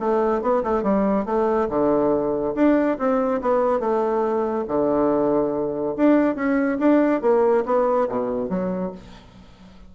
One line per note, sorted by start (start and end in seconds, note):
0.00 0.42 A3
0.42 0.63 B3
0.63 0.83 A3
0.83 1.26 G3
1.26 1.68 A3
1.70 2.55 D3
2.55 2.98 D4
2.99 3.41 C4
3.41 3.80 B3
3.80 4.65 A3
4.68 5.96 D3
5.97 6.36 D4
6.36 6.78 C#4
6.79 7.22 D4
7.22 7.64 A#3
7.66 8.08 B3
8.09 8.49 B2
8.49 8.92 F#3